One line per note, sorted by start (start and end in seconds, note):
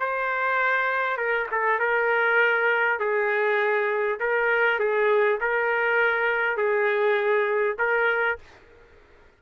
0.00 1.17 C5
1.17 1.47 A#4
1.51 1.79 A4
1.79 2.99 A#4
2.99 4.19 G#4
4.20 4.79 A#4
4.79 5.39 G#4
5.41 6.57 A#4
6.57 7.77 G#4
7.79 8.39 A#4